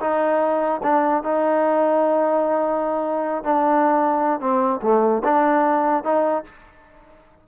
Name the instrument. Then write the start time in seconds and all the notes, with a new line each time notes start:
trombone
0.00 D#4
0.83 D4
1.23 D#4
3.43 D4
4.40 C4
4.82 A3
5.24 D4
6.03 D#4